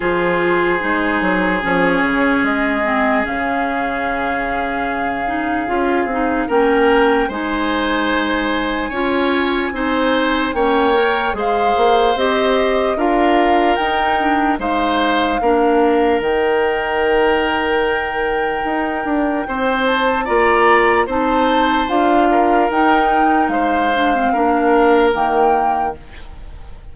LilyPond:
<<
  \new Staff \with { instrumentName = "flute" } { \time 4/4 \tempo 4 = 74 c''2 cis''4 dis''4 | f''1 | g''4 gis''2.~ | gis''4 g''4 f''4 dis''4 |
f''4 g''4 f''2 | g''1~ | g''8 a''8 ais''4 a''4 f''4 | g''4 f''2 g''4 | }
  \new Staff \with { instrumentName = "oboe" } { \time 4/4 gis'1~ | gis'1 | ais'4 c''2 cis''4 | c''4 cis''4 c''2 |
ais'2 c''4 ais'4~ | ais'1 | c''4 d''4 c''4. ais'8~ | ais'4 c''4 ais'2 | }
  \new Staff \with { instrumentName = "clarinet" } { \time 4/4 f'4 dis'4 cis'4. c'8 | cis'2~ cis'8 dis'8 f'8 dis'8 | cis'4 dis'2 f'4 | dis'4 cis'8 ais'8 gis'4 g'4 |
f'4 dis'8 d'8 dis'4 d'4 | dis'1~ | dis'4 f'4 dis'4 f'4 | dis'4. d'16 c'16 d'4 ais4 | }
  \new Staff \with { instrumentName = "bassoon" } { \time 4/4 f4 gis8 fis8 f8 cis8 gis4 | cis2. cis'8 c'8 | ais4 gis2 cis'4 | c'4 ais4 gis8 ais8 c'4 |
d'4 dis'4 gis4 ais4 | dis2. dis'8 d'8 | c'4 ais4 c'4 d'4 | dis'4 gis4 ais4 dis4 | }
>>